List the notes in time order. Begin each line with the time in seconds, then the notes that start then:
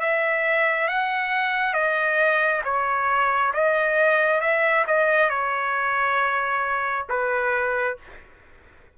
0.00 E5
0.88 F#5
1.73 D#5
2.64 C#5
3.53 D#5
4.41 E5
4.87 D#5
5.29 C#5
7.09 B4